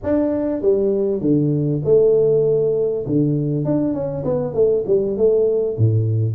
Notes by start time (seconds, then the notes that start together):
0.03 D4
0.61 G3
1.21 D3
1.84 A3
3.06 D3
3.64 D4
3.93 C#4
4.24 B3
4.54 A3
4.87 G3
5.17 A3
5.77 A2